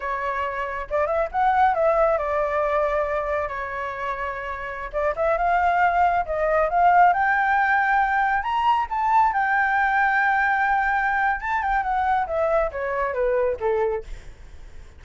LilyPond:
\new Staff \with { instrumentName = "flute" } { \time 4/4 \tempo 4 = 137 cis''2 d''8 e''8 fis''4 | e''4 d''2. | cis''2.~ cis''16 d''8 e''16~ | e''16 f''2 dis''4 f''8.~ |
f''16 g''2. ais''8.~ | ais''16 a''4 g''2~ g''8.~ | g''2 a''8 g''8 fis''4 | e''4 cis''4 b'4 a'4 | }